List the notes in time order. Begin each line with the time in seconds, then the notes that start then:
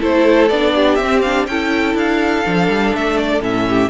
0.00 A3 E4 A4 C5
0.48 B3 D4 D5
0.75 G4
0.95 C4 E5
1.22 D4 F5
1.47 C#4 E4 A4 G5
1.95 D4 F5
2.45 F3 D4
2.69 G3
2.95 A3 E5
3.17 D5
3.40 A2 C#4 E5
3.68 G4